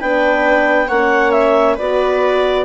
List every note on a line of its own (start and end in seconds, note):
0.00 0.90 B3
0.00 0.89 D4
0.00 0.88 B4
0.00 0.89 G5
0.88 1.78 A#3
0.88 1.80 C#4
0.88 1.75 C#5
0.88 1.32 F#5
1.32 1.76 E5
1.75 2.65 B3
1.75 2.65 F#4
1.75 2.63 B4
1.75 2.65 D5